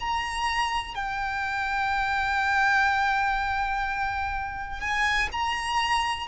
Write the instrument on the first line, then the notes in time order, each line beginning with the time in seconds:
violin
0.00 A#5
0.95 G5
4.80 G#5
5.32 A#5